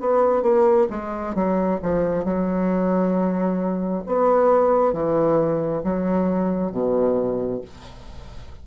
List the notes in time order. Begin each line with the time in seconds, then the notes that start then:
0.00 B3
0.42 A#3
0.90 G#3
1.35 F#3
1.82 F3
2.24 F#3
4.06 B3
4.93 E3
5.84 F#3
6.72 B2